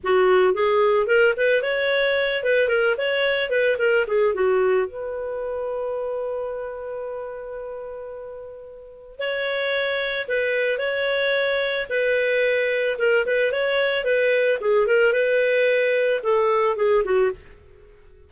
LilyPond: \new Staff \with { instrumentName = "clarinet" } { \time 4/4 \tempo 4 = 111 fis'4 gis'4 ais'8 b'8 cis''4~ | cis''8 b'8 ais'8 cis''4 b'8 ais'8 gis'8 | fis'4 b'2.~ | b'1~ |
b'4 cis''2 b'4 | cis''2 b'2 | ais'8 b'8 cis''4 b'4 gis'8 ais'8 | b'2 a'4 gis'8 fis'8 | }